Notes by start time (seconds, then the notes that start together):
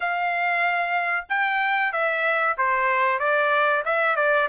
0.00 F5
1.29 G5
1.92 E5
2.57 C5
3.19 D5
3.85 E5
4.16 D5